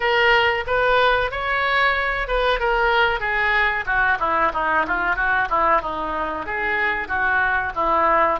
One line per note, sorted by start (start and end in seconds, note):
0.00 0.64 A#4
0.66 1.31 B4
1.31 2.27 C#5
2.27 2.59 B4
2.59 3.20 A#4
3.20 3.84 G#4
3.85 4.18 F#4
4.19 4.52 E4
4.53 4.86 D#4
4.87 5.16 F4
5.16 5.48 F#4
5.49 5.81 E4
5.81 6.45 D#4
6.46 7.08 G#4
7.08 7.72 F#4
7.75 8.39 E4